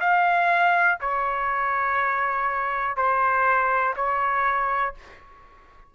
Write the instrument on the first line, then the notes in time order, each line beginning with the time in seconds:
trumpet
0.00 F5
1.00 C#5
2.96 C5
3.96 C#5